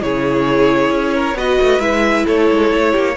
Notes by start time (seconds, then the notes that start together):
0.00 C#3 E4 G#4 C#5
0.90 C#4
1.14 A#4
1.34 B3 F#4 B4 D#5
1.61 A3
1.79 G#3 E4 E5
2.25 A3 A4 C#5
2.51 G#3
2.71 A3
2.92 A#3 G4